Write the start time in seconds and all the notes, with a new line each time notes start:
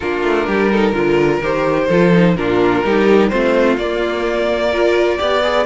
0.00 A#3 D4 F4 A#4
0.23 A3
0.47 G3 G4
0.71 D#4 A4
0.92 D3 F4 A#4
1.41 D#3 G4 C5
1.87 F3 F4 A4
2.12 D#4
2.36 A#2 D4 F4 A#4
2.83 G3 D#4 G4
3.29 A3 C4 F4 C5
3.77 A#3 D5
4.70 F4 A#4
5.18 B3 G4 D5
5.43 G#4